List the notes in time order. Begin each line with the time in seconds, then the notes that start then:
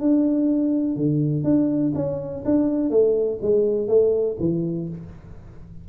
0.00 D4
0.96 D3
1.44 D4
1.95 C#4
2.45 D4
2.90 A3
3.42 G#3
3.88 A3
4.40 E3